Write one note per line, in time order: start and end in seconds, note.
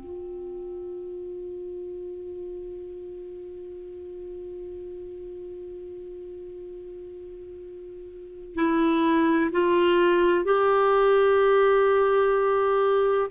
0.00 8.56 F4
8.56 9.51 E4
9.52 10.45 F4
10.45 13.31 G4